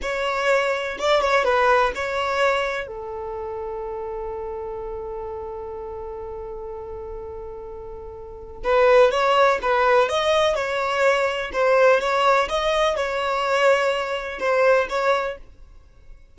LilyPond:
\new Staff \with { instrumentName = "violin" } { \time 4/4 \tempo 4 = 125 cis''2 d''8 cis''8 b'4 | cis''2 a'2~ | a'1~ | a'1~ |
a'2 b'4 cis''4 | b'4 dis''4 cis''2 | c''4 cis''4 dis''4 cis''4~ | cis''2 c''4 cis''4 | }